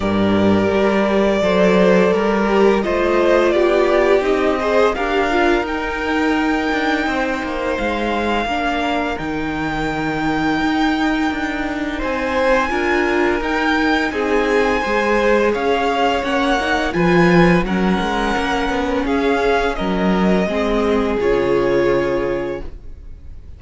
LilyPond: <<
  \new Staff \with { instrumentName = "violin" } { \time 4/4 \tempo 4 = 85 d''1 | dis''4 d''4 dis''4 f''4 | g''2. f''4~ | f''4 g''2.~ |
g''4 gis''2 g''4 | gis''2 f''4 fis''4 | gis''4 fis''2 f''4 | dis''2 cis''2 | }
  \new Staff \with { instrumentName = "violin" } { \time 4/4 ais'2 c''4 ais'4 | c''4 g'4. c''8 ais'4~ | ais'2 c''2 | ais'1~ |
ais'4 c''4 ais'2 | gis'4 c''4 cis''2 | b'4 ais'2 gis'4 | ais'4 gis'2. | }
  \new Staff \with { instrumentName = "viola" } { \time 4/4 g'2 a'4. g'8 | f'2 dis'8 gis'8 g'8 f'8 | dis'1 | d'4 dis'2.~ |
dis'2 f'4 dis'4~ | dis'4 gis'2 cis'8 dis'8 | f'4 cis'2.~ | cis'4 c'4 f'2 | }
  \new Staff \with { instrumentName = "cello" } { \time 4/4 g,4 g4 fis4 g4 | a4 b4 c'4 d'4 | dis'4. d'8 c'8 ais8 gis4 | ais4 dis2 dis'4 |
d'4 c'4 d'4 dis'4 | c'4 gis4 cis'4 ais4 | f4 fis8 gis8 ais8 b8 cis'4 | fis4 gis4 cis2 | }
>>